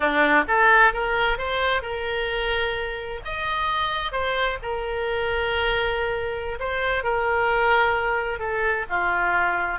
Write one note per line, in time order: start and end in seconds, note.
0.00 0.44 D4
0.47 0.93 A4
0.93 1.38 A#4
1.38 1.81 C5
1.81 3.20 A#4
3.24 4.12 D#5
4.12 4.58 C5
4.62 6.58 A#4
6.59 7.03 C5
7.03 8.39 A#4
8.39 8.85 A4
8.89 9.79 F4